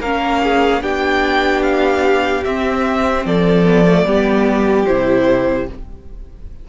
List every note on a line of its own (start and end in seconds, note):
0.00 0.81 A#3
0.00 0.82 C#4
0.00 0.41 A#4
0.00 0.82 F5
0.43 0.82 G#4
0.81 2.43 B3
0.81 2.44 D4
0.81 3.26 G4
0.81 1.62 G5
1.62 2.43 F5
2.44 3.25 C4
2.44 3.65 C4
2.44 3.26 E5
3.25 4.05 F3
3.25 4.06 A4
3.25 4.86 D5
3.65 3.85 B3
3.87 4.06 A3
4.05 4.86 G3
4.05 4.87 B3
4.05 5.68 G4
4.86 5.69 C3
4.86 5.68 E4
4.86 5.67 C5